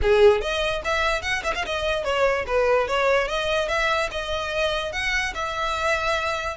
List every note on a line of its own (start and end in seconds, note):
0.02 0.41 G#4
0.41 0.82 D#5
0.84 1.22 E5
1.22 1.42 F#5
1.43 1.54 E5
1.54 1.65 F5
1.65 2.03 D#5
2.03 2.45 C#5
2.46 2.87 B4
2.87 3.28 C#5
3.28 3.68 D#5
3.68 4.09 E5
4.11 4.92 D#5
4.92 5.33 F#5
5.34 6.57 E5